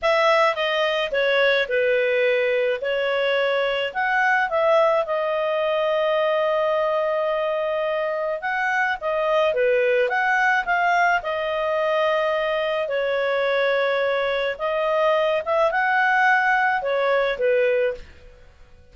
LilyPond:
\new Staff \with { instrumentName = "clarinet" } { \time 4/4 \tempo 4 = 107 e''4 dis''4 cis''4 b'4~ | b'4 cis''2 fis''4 | e''4 dis''2.~ | dis''2. fis''4 |
dis''4 b'4 fis''4 f''4 | dis''2. cis''4~ | cis''2 dis''4. e''8 | fis''2 cis''4 b'4 | }